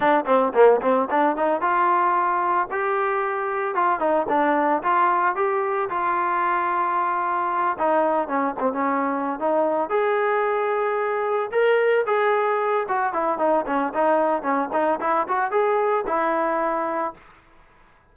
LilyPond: \new Staff \with { instrumentName = "trombone" } { \time 4/4 \tempo 4 = 112 d'8 c'8 ais8 c'8 d'8 dis'8 f'4~ | f'4 g'2 f'8 dis'8 | d'4 f'4 g'4 f'4~ | f'2~ f'8 dis'4 cis'8 |
c'16 cis'4~ cis'16 dis'4 gis'4.~ | gis'4. ais'4 gis'4. | fis'8 e'8 dis'8 cis'8 dis'4 cis'8 dis'8 | e'8 fis'8 gis'4 e'2 | }